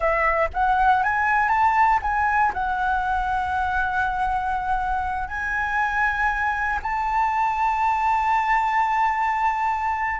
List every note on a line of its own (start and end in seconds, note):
0.00 0.48 E5
0.53 1.03 F#5
1.03 1.49 G#5
1.49 1.99 A5
2.02 2.52 G#5
2.53 5.27 F#5
5.27 6.79 G#5
6.82 10.20 A5